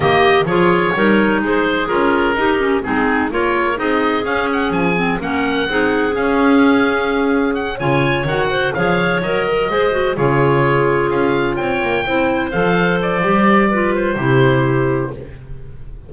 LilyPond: <<
  \new Staff \with { instrumentName = "oboe" } { \time 4/4 \tempo 4 = 127 dis''4 cis''2 c''4 | ais'2 gis'4 cis''4 | dis''4 f''8 fis''8 gis''4 fis''4~ | fis''4 f''2. |
fis''8 gis''4 fis''4 f''4 dis''8~ | dis''4. cis''2 f''8~ | f''8 g''2 f''4 d''8~ | d''4. c''2~ c''8 | }
  \new Staff \with { instrumentName = "clarinet" } { \time 4/4 g'4 gis'4 ais'4 gis'4~ | gis'4 g'4 dis'4 ais'4 | gis'2. ais'4 | gis'1~ |
gis'8 cis''4. c''8 cis''4. | ais'8 c''4 gis'2~ gis'8~ | gis'8 cis''4 c''2~ c''8~ | c''4 b'4 g'2 | }
  \new Staff \with { instrumentName = "clarinet" } { \time 4/4 ais4 f'4 dis'2 | f'4 dis'8 cis'8 c'4 f'4 | dis'4 cis'4. c'8 cis'4 | dis'4 cis'2.~ |
cis'8 f'4 fis'4 gis'4 ais'8~ | ais'8 gis'8 fis'8 f'2~ f'8~ | f'4. e'4 a'4. | g'4 f'4 e'2 | }
  \new Staff \with { instrumentName = "double bass" } { \time 4/4 dis4 f4 g4 gis4 | cis'4 dis'4 gis4 ais4 | c'4 cis'4 f4 ais4 | c'4 cis'2.~ |
cis'8 cis4 dis4 f4 fis8~ | fis8 gis4 cis2 cis'8~ | cis'8 c'8 ais8 c'4 f4. | g2 c2 | }
>>